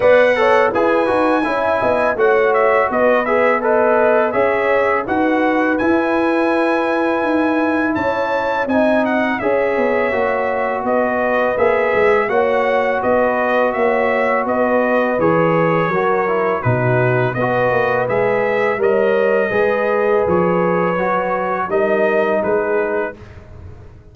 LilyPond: <<
  \new Staff \with { instrumentName = "trumpet" } { \time 4/4 \tempo 4 = 83 fis''4 gis''2 fis''8 e''8 | dis''8 e''8 b'4 e''4 fis''4 | gis''2. a''4 | gis''8 fis''8 e''2 dis''4 |
e''4 fis''4 dis''4 e''4 | dis''4 cis''2 b'4 | dis''4 e''4 dis''2 | cis''2 dis''4 b'4 | }
  \new Staff \with { instrumentName = "horn" } { \time 4/4 d''8 cis''8 b'4 e''8 dis''8 cis''4 | b'4 dis''4 cis''4 b'4~ | b'2. cis''4 | dis''4 cis''2 b'4~ |
b'4 cis''4 b'4 cis''4 | b'2 ais'4 fis'4 | b'2 cis''4 b'4~ | b'2 ais'4 gis'4 | }
  \new Staff \with { instrumentName = "trombone" } { \time 4/4 b'8 a'8 gis'8 fis'8 e'4 fis'4~ | fis'8 gis'8 a'4 gis'4 fis'4 | e'1 | dis'4 gis'4 fis'2 |
gis'4 fis'2.~ | fis'4 gis'4 fis'8 e'8 dis'4 | fis'4 gis'4 ais'4 gis'4~ | gis'4 fis'4 dis'2 | }
  \new Staff \with { instrumentName = "tuba" } { \time 4/4 b4 e'8 dis'8 cis'8 b8 a4 | b2 cis'4 dis'4 | e'2 dis'4 cis'4 | c'4 cis'8 b8 ais4 b4 |
ais8 gis8 ais4 b4 ais4 | b4 e4 fis4 b,4 | b8 ais8 gis4 g4 gis4 | f4 fis4 g4 gis4 | }
>>